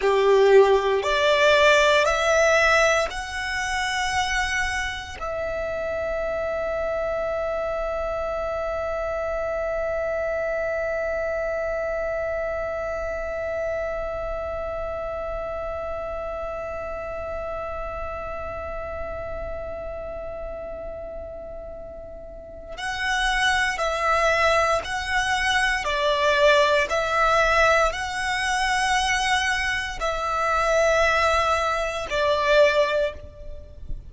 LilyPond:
\new Staff \with { instrumentName = "violin" } { \time 4/4 \tempo 4 = 58 g'4 d''4 e''4 fis''4~ | fis''4 e''2.~ | e''1~ | e''1~ |
e''1~ | e''2 fis''4 e''4 | fis''4 d''4 e''4 fis''4~ | fis''4 e''2 d''4 | }